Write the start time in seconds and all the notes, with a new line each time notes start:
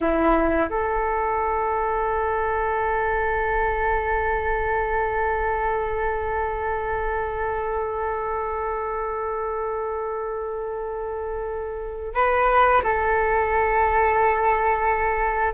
0.01 E4
0.69 A4
12.14 B4
12.83 A4